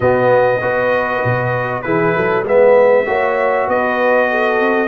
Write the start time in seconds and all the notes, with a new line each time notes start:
0.00 B2 B3 F#4 D#5
0.60 B3 F#4 B4
1.24 B2
1.82 E3 E4 G#4 B4
2.15 F#3 A4
2.43 G#3 B3 B4 E5
3.06 A#3 F#4 C#5
3.67 B3 B4 D#5
4.30 A4
4.59 C4